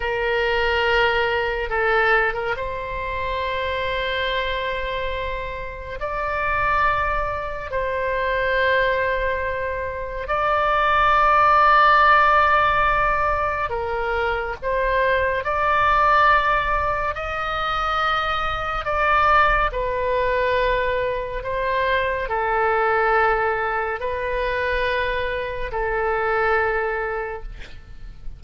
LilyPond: \new Staff \with { instrumentName = "oboe" } { \time 4/4 \tempo 4 = 70 ais'2 a'8. ais'16 c''4~ | c''2. d''4~ | d''4 c''2. | d''1 |
ais'4 c''4 d''2 | dis''2 d''4 b'4~ | b'4 c''4 a'2 | b'2 a'2 | }